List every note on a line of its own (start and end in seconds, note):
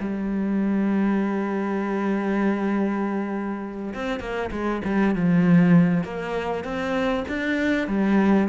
0.00 3.94 G3
3.94 4.20 C4
4.20 4.50 A#3
4.52 4.82 G#3
4.85 5.15 G3
5.15 6.04 F3
6.04 6.64 A#3
6.64 7.25 C4
7.28 7.88 D4
7.88 8.48 G3